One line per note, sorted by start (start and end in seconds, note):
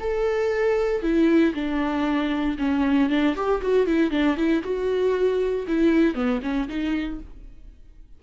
0.00 1.02 A4
1.02 1.54 E4
1.54 2.57 D4
2.59 3.10 C#4
3.10 3.35 D4
3.36 3.62 G4
3.62 3.87 F#4
3.87 4.11 E4
4.11 4.37 D4
4.37 4.63 E4
4.63 5.66 F#4
5.68 6.15 E4
6.15 6.40 B3
6.43 6.68 C#4
6.69 7.20 D#4